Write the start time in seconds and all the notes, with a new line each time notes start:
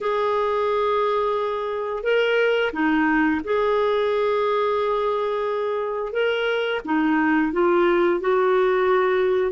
0.00 G#4
2.03 A#4
2.72 D#4
3.44 G#4
6.12 A#4
6.84 D#4
7.52 F4
8.20 F#4